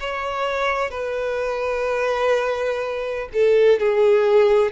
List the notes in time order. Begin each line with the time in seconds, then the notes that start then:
0.00 C#5
0.91 B4
3.33 A4
3.80 G#4